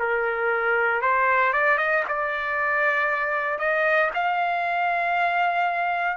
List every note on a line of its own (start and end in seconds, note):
0.00 1.02 A#4
1.02 1.54 C5
1.54 1.78 D5
1.78 2.04 D#5
2.09 3.59 D5
3.59 4.11 D#5
4.15 6.17 F5